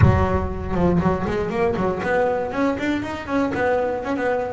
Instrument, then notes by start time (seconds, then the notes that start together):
double bass
0.01 F#3
0.74 F3
1.00 F#3
1.26 G#3
1.50 A#3
1.76 F#3
2.02 B3
2.52 C#4
2.78 D4
3.02 D#4
3.26 C#4
3.54 B3
4.04 C#4
4.16 B3